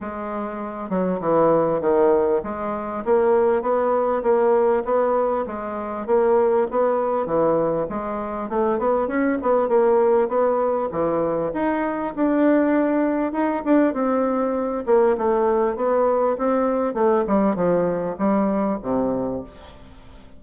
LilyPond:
\new Staff \with { instrumentName = "bassoon" } { \time 4/4 \tempo 4 = 99 gis4. fis8 e4 dis4 | gis4 ais4 b4 ais4 | b4 gis4 ais4 b4 | e4 gis4 a8 b8 cis'8 b8 |
ais4 b4 e4 dis'4 | d'2 dis'8 d'8 c'4~ | c'8 ais8 a4 b4 c'4 | a8 g8 f4 g4 c4 | }